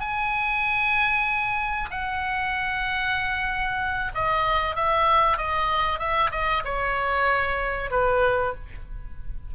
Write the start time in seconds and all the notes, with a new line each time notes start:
0.00 G#5
1.91 F#5
4.15 D#5
4.75 E5
5.37 D#5
5.99 E5
6.31 D#5
6.65 C#5
7.91 B4